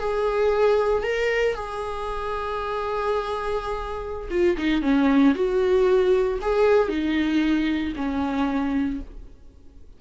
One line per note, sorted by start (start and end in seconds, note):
0.00 1.04 G#4
1.04 1.55 A#4
1.55 4.29 G#4
4.31 4.57 F4
4.58 4.83 D#4
4.83 5.35 C#4
5.35 6.40 F#4
6.42 6.89 G#4
6.89 7.94 D#4
7.97 9.01 C#4